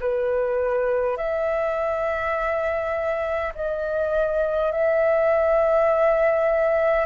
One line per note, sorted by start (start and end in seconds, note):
0.00 1.17 B4
1.17 3.52 E5
3.55 4.72 D#5
4.72 7.06 E5